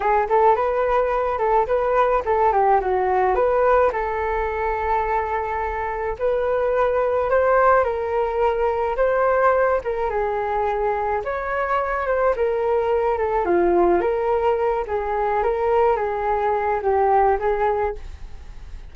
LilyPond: \new Staff \with { instrumentName = "flute" } { \time 4/4 \tempo 4 = 107 gis'8 a'8 b'4. a'8 b'4 | a'8 g'8 fis'4 b'4 a'4~ | a'2. b'4~ | b'4 c''4 ais'2 |
c''4. ais'8 gis'2 | cis''4. c''8 ais'4. a'8 | f'4 ais'4. gis'4 ais'8~ | ais'8 gis'4. g'4 gis'4 | }